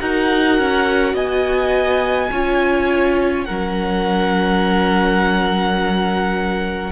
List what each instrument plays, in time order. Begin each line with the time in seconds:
0.00 cello D#4, viola F#4, violin A#4 F#5
0.59 cello C#4
1.14 cello B3, violin D#5 G#5
2.31 cello C#4, viola F4, violin C#5
3.45 cello F#3, viola C#4, violin A#4 F#5